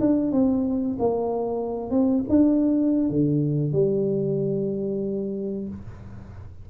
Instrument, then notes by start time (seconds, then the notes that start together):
tuba
0.00 D4
0.32 C4
0.99 A#3
1.90 C4
2.29 D4
3.09 D3
3.72 G3